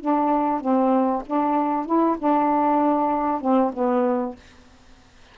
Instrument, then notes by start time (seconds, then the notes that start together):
saxophone
0.00 D4
0.60 C4
1.26 D4
1.85 E4
2.18 D4
3.40 C4
3.73 B3